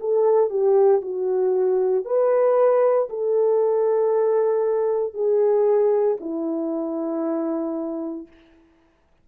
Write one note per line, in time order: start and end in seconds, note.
0.00 0.50 A4
0.50 1.02 G4
1.02 2.05 F#4
2.05 3.09 B4
3.10 5.14 A4
5.14 6.18 G#4
6.21 8.28 E4